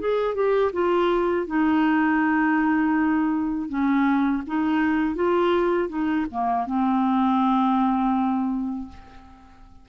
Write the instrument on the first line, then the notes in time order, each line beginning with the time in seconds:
clarinet
0.00 G#4
0.35 G4
0.73 F4
1.47 D#4
3.69 C#4
4.47 D#4
5.15 F4
5.89 D#4
6.32 A#3
6.67 C4